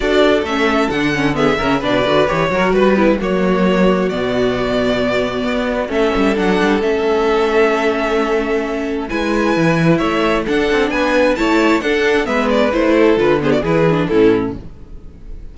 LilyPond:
<<
  \new Staff \with { instrumentName = "violin" } { \time 4/4 \tempo 4 = 132 d''4 e''4 fis''4 e''4 | d''4 cis''4 b'4 cis''4~ | cis''4 d''2.~ | d''4 e''4 fis''4 e''4~ |
e''1 | gis''2 e''4 fis''4 | gis''4 a''4 fis''4 e''8 d''8 | c''4 b'8 c''16 d''16 b'4 a'4 | }
  \new Staff \with { instrumentName = "violin" } { \time 4/4 a'2. gis'8 ais'8 | b'4. ais'8 b'8 b8 fis'4~ | fis'1~ | fis'4 a'2.~ |
a'1 | b'2 cis''4 a'4 | b'4 cis''4 a'4 b'4~ | b'8 a'4 gis'16 fis'16 gis'4 e'4 | }
  \new Staff \with { instrumentName = "viola" } { \time 4/4 fis'4 cis'4 d'8 cis'8 b8 cis'8 | d'8 fis'8 g'8 fis'4 e'8 ais4~ | ais4 b2.~ | b4 cis'4 d'4 cis'4~ |
cis'1 | e'2. d'4~ | d'4 e'4 d'4 b4 | e'4 f'8 b8 e'8 d'8 cis'4 | }
  \new Staff \with { instrumentName = "cello" } { \time 4/4 d'4 a4 d4. cis8 | b,8 d8 e8 fis8 g4 fis4~ | fis4 b,2. | b4 a8 g8 fis8 g8 a4~ |
a1 | gis4 e4 a4 d'8 c'8 | b4 a4 d'4 gis4 | a4 d4 e4 a,4 | }
>>